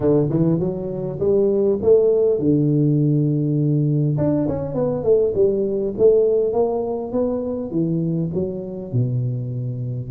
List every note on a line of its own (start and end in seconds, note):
0.00 0.29 D3
0.29 0.59 E3
0.59 1.19 F#3
1.19 1.79 G3
1.81 2.39 A3
2.39 4.17 D3
4.17 4.47 D4
4.48 4.74 C#4
4.74 5.03 B3
5.03 5.33 A3
5.34 5.94 G3
5.98 6.52 A3
6.52 7.12 A#3
7.12 7.71 B3
7.71 8.30 E3
8.34 8.92 F#3
8.92 10.10 B2